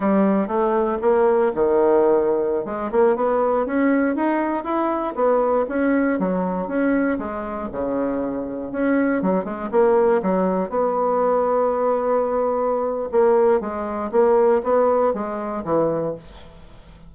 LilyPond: \new Staff \with { instrumentName = "bassoon" } { \time 4/4 \tempo 4 = 119 g4 a4 ais4 dis4~ | dis4~ dis16 gis8 ais8 b4 cis'8.~ | cis'16 dis'4 e'4 b4 cis'8.~ | cis'16 fis4 cis'4 gis4 cis8.~ |
cis4~ cis16 cis'4 fis8 gis8 ais8.~ | ais16 fis4 b2~ b8.~ | b2 ais4 gis4 | ais4 b4 gis4 e4 | }